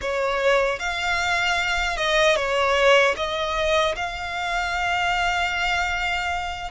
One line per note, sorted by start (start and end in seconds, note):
0.01 0.79 C#5
0.79 1.96 F5
1.96 2.35 D#5
2.35 3.14 C#5
3.16 3.95 D#5
3.95 6.71 F5